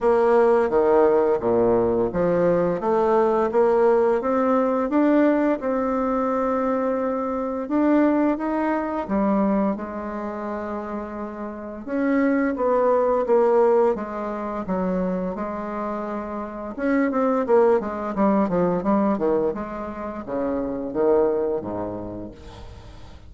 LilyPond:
\new Staff \with { instrumentName = "bassoon" } { \time 4/4 \tempo 4 = 86 ais4 dis4 ais,4 f4 | a4 ais4 c'4 d'4 | c'2. d'4 | dis'4 g4 gis2~ |
gis4 cis'4 b4 ais4 | gis4 fis4 gis2 | cis'8 c'8 ais8 gis8 g8 f8 g8 dis8 | gis4 cis4 dis4 gis,4 | }